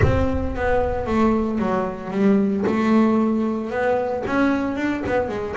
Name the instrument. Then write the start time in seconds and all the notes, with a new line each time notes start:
double bass
0.02 C4
0.55 B3
1.06 A3
1.59 F#3
2.10 G3
2.66 A3
3.70 B3
4.26 C#4
4.76 D4
5.06 B3
5.28 G#3